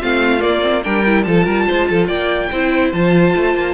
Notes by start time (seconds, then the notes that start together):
0.00 A3 C4 F4 F5
0.39 A#3 D5
0.62 C4
0.84 G3 D4 A#4 G5
1.06 E4
1.23 F3 F4 A4 A5
1.44 G3 A#4
1.67 G#3 C5
1.89 F3 A4
2.07 A#3 D5 G5
2.51 C4 E4 C5
2.93 F3 F4 A5
3.36 A3
3.55 A#3